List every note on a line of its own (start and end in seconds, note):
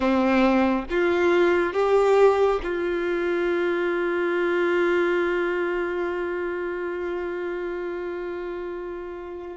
0.00 0.85 C4
0.89 1.73 F4
1.73 2.60 G4
2.63 9.57 F4